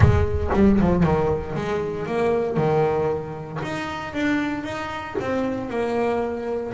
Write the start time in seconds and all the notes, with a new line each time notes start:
0.00 G#3
0.53 G3
0.80 F3
1.03 D#3
1.55 G#3
2.06 A#3
2.57 D#3
3.63 D#4
4.13 D4
4.63 D#4
5.20 C4
5.69 A#3